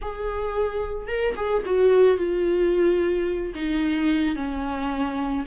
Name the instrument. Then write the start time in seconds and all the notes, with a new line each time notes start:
viola
0.01 G#4
1.07 A#4
1.36 G#4
1.65 F#4
2.17 F4
3.54 D#4
4.35 C#4